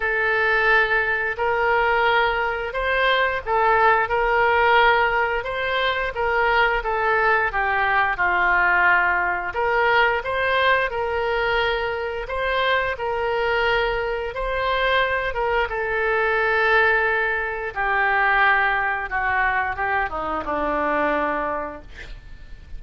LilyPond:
\new Staff \with { instrumentName = "oboe" } { \time 4/4 \tempo 4 = 88 a'2 ais'2 | c''4 a'4 ais'2 | c''4 ais'4 a'4 g'4 | f'2 ais'4 c''4 |
ais'2 c''4 ais'4~ | ais'4 c''4. ais'8 a'4~ | a'2 g'2 | fis'4 g'8 dis'8 d'2 | }